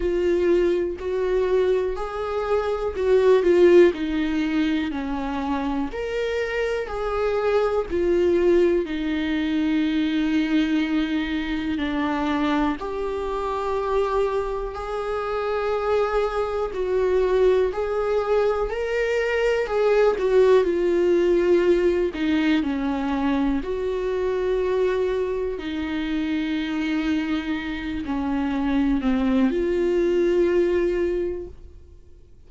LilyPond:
\new Staff \with { instrumentName = "viola" } { \time 4/4 \tempo 4 = 61 f'4 fis'4 gis'4 fis'8 f'8 | dis'4 cis'4 ais'4 gis'4 | f'4 dis'2. | d'4 g'2 gis'4~ |
gis'4 fis'4 gis'4 ais'4 | gis'8 fis'8 f'4. dis'8 cis'4 | fis'2 dis'2~ | dis'8 cis'4 c'8 f'2 | }